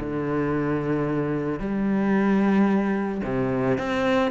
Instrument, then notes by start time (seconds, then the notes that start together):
cello
0.00 D3
1.60 G3
3.24 C3
3.78 C4